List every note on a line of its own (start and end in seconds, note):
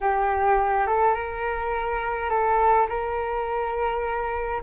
0.00 0.87 G4
0.87 1.14 A4
1.14 2.29 A#4
2.29 2.87 A4
2.88 4.62 A#4